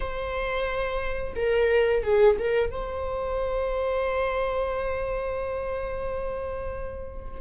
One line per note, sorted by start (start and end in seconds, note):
0.00 1.34 C5
1.35 2.03 A#4
2.03 2.37 G#4
2.38 2.70 A#4
2.70 7.41 C5